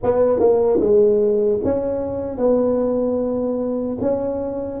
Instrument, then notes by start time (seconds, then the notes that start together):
tuba
0.03 B3
0.39 A#3
0.80 G#3
1.64 C#4
2.37 B3
4.00 C#4